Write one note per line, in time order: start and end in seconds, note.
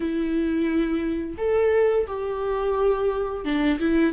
0.00 1.36 E4
1.37 2.06 A4
2.07 3.45 G4
3.45 3.79 D4
3.79 4.13 E4